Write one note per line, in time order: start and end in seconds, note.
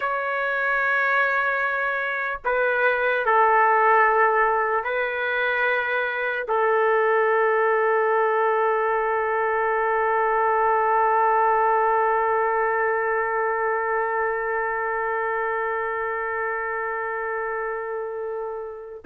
0.00 2.40 C#5
2.44 3.25 B4
3.25 4.84 A4
4.84 6.46 B4
6.48 19.04 A4